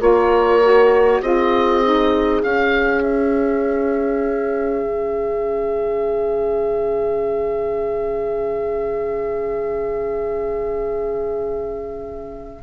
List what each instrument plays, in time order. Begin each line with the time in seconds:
0.00 bassoon A#3, saxophone F4, horn A#4, oboe C#5
0.62 saxophone F#4
1.21 bassoon C4, saxophone F4, horn G#4, oboe D#5
1.84 saxophone D#4
2.43 saxophone C#4, bassoon C#4, oboe F5
3.03 oboe E5
4.84 bassoon C#3